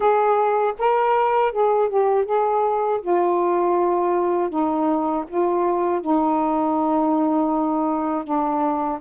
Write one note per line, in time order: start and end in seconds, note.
0.00 0.73 G#4
0.78 1.51 A#4
1.51 1.89 G#4
1.89 2.25 G4
2.25 3.00 G#4
3.01 4.49 F4
4.49 5.24 D#4
5.27 6.00 F4
6.00 8.24 D#4
8.24 8.99 D4